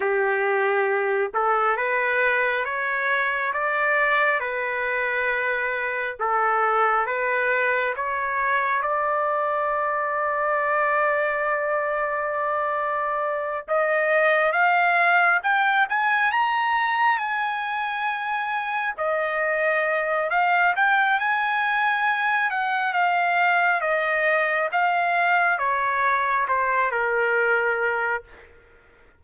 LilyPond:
\new Staff \with { instrumentName = "trumpet" } { \time 4/4 \tempo 4 = 68 g'4. a'8 b'4 cis''4 | d''4 b'2 a'4 | b'4 cis''4 d''2~ | d''2.~ d''8 dis''8~ |
dis''8 f''4 g''8 gis''8 ais''4 gis''8~ | gis''4. dis''4. f''8 g''8 | gis''4. fis''8 f''4 dis''4 | f''4 cis''4 c''8 ais'4. | }